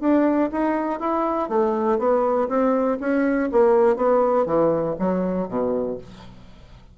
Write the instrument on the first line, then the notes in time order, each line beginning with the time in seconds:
bassoon
0.00 D4
0.52 D#4
1.00 E4
1.49 A3
1.99 B3
2.49 C4
3.00 C#4
3.52 A#3
3.96 B3
4.45 E3
4.99 F#3
5.48 B2